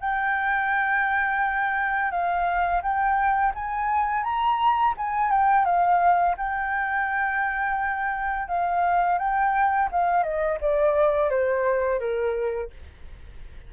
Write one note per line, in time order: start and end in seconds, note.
0.00 2.11 G5
2.11 2.82 F5
2.82 3.53 G5
3.55 4.24 G#5
4.24 4.94 A#5
4.97 5.31 G#5
5.31 5.65 G5
5.65 6.36 F5
6.38 8.48 G5
8.48 9.18 F5
9.18 9.89 G5
9.91 10.23 F5
10.23 10.59 D#5
10.61 11.30 D5
11.30 12.00 C5
12.00 12.70 A#4